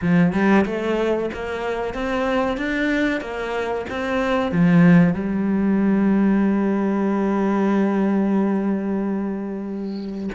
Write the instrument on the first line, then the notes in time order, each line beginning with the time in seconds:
cello
0.01 F3
0.33 G3
0.65 A3
1.33 A#3
1.94 C4
2.57 D4
3.21 A#3
3.89 C4
4.51 F3
5.13 G3